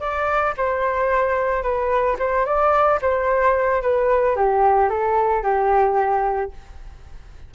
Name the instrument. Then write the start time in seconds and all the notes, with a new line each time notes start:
flute
0.00 D5
0.57 C5
1.63 B4
2.19 C5
2.45 D5
3.01 C5
3.82 B4
4.36 G4
4.90 A4
5.43 G4